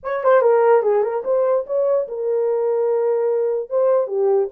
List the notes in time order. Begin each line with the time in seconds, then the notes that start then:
0.03 C#5
0.23 C5
0.41 A#4
0.82 G#4
1.02 A#4
1.24 C5
1.66 C#5
2.08 A#4
3.69 C5
4.07 G4